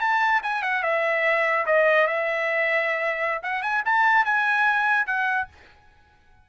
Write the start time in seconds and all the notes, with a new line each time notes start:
0.00 A5
0.43 G#5
0.63 F#5
0.83 E5
1.66 D#5
2.07 E5
3.43 F#5
3.62 G#5
3.85 A5
4.25 G#5
5.07 F#5